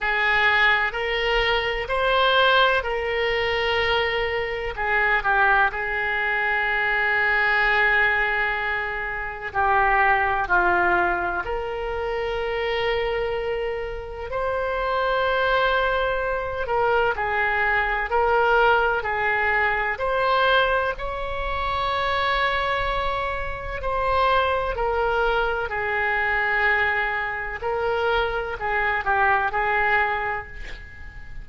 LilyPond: \new Staff \with { instrumentName = "oboe" } { \time 4/4 \tempo 4 = 63 gis'4 ais'4 c''4 ais'4~ | ais'4 gis'8 g'8 gis'2~ | gis'2 g'4 f'4 | ais'2. c''4~ |
c''4. ais'8 gis'4 ais'4 | gis'4 c''4 cis''2~ | cis''4 c''4 ais'4 gis'4~ | gis'4 ais'4 gis'8 g'8 gis'4 | }